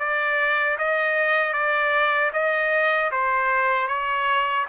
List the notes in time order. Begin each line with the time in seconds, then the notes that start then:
0.00 D5
0.79 D#5
1.54 D5
2.34 D#5
3.12 C5
3.89 C#5